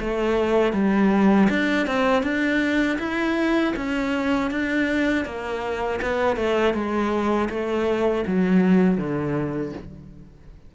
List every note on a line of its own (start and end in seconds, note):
0.00 0.73 A3
0.73 1.48 G3
1.50 1.87 D4
1.87 2.23 C4
2.23 2.98 D4
2.99 3.74 E4
3.77 4.51 C#4
4.51 5.25 D4
5.25 6.00 A#3
6.02 6.37 B3
6.37 6.74 A3
6.74 7.49 G#3
7.50 8.25 A3
8.27 8.98 F#3
8.98 9.73 D3